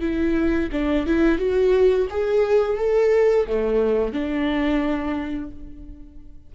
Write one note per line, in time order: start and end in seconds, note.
0.00 0.69 E4
0.72 1.06 D4
1.06 1.38 E4
1.38 2.07 F#4
2.10 2.77 G#4
2.77 3.46 A4
3.46 4.12 A3
4.12 5.50 D4